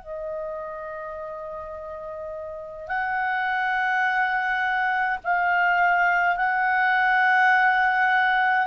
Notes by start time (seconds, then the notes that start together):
0.00 D#5
2.87 F#5
5.23 F5
6.36 F#5